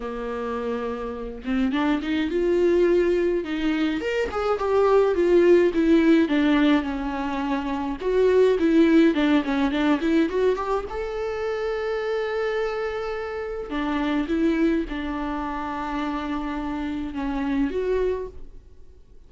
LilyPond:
\new Staff \with { instrumentName = "viola" } { \time 4/4 \tempo 4 = 105 ais2~ ais8 c'8 d'8 dis'8 | f'2 dis'4 ais'8 gis'8 | g'4 f'4 e'4 d'4 | cis'2 fis'4 e'4 |
d'8 cis'8 d'8 e'8 fis'8 g'8 a'4~ | a'1 | d'4 e'4 d'2~ | d'2 cis'4 fis'4 | }